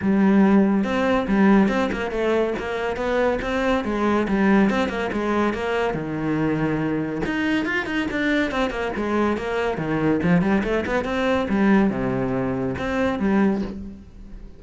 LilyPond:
\new Staff \with { instrumentName = "cello" } { \time 4/4 \tempo 4 = 141 g2 c'4 g4 | c'8 ais8 a4 ais4 b4 | c'4 gis4 g4 c'8 ais8 | gis4 ais4 dis2~ |
dis4 dis'4 f'8 dis'8 d'4 | c'8 ais8 gis4 ais4 dis4 | f8 g8 a8 b8 c'4 g4 | c2 c'4 g4 | }